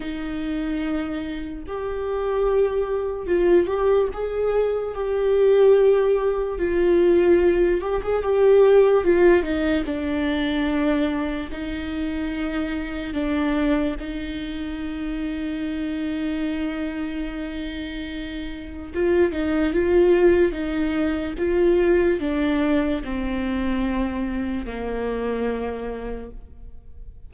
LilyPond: \new Staff \with { instrumentName = "viola" } { \time 4/4 \tempo 4 = 73 dis'2 g'2 | f'8 g'8 gis'4 g'2 | f'4. g'16 gis'16 g'4 f'8 dis'8 | d'2 dis'2 |
d'4 dis'2.~ | dis'2. f'8 dis'8 | f'4 dis'4 f'4 d'4 | c'2 ais2 | }